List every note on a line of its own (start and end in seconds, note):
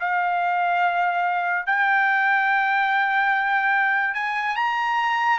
0.00 1.67 F5
1.67 4.14 G5
4.14 4.56 G#5
4.56 5.39 A#5